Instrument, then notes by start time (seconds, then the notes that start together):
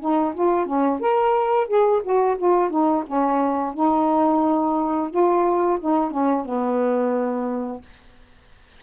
saxophone
0.00 D#4
0.34 F4
0.66 C#4
1.00 A#4
1.67 G#4
2.03 F#4
2.38 F4
2.70 D#4
3.07 C#4
3.74 D#4
5.10 F4
5.80 D#4
6.11 C#4
6.45 B3